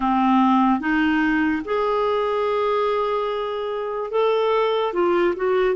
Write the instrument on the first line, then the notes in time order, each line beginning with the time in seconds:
clarinet
0.00 C4
0.80 D#4
1.64 G#4
4.11 A4
4.93 F4
5.36 F#4